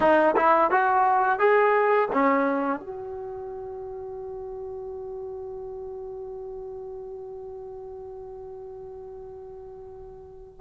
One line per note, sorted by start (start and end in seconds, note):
0.00 0.35 D#4
0.36 0.70 E4
0.70 1.39 F#4
1.39 2.09 G#4
2.12 2.80 C#4
2.80 10.60 F#4